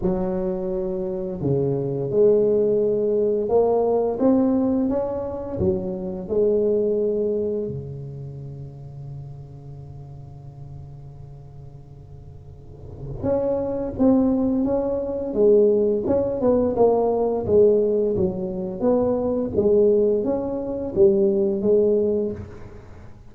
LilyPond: \new Staff \with { instrumentName = "tuba" } { \time 4/4 \tempo 4 = 86 fis2 cis4 gis4~ | gis4 ais4 c'4 cis'4 | fis4 gis2 cis4~ | cis1~ |
cis2. cis'4 | c'4 cis'4 gis4 cis'8 b8 | ais4 gis4 fis4 b4 | gis4 cis'4 g4 gis4 | }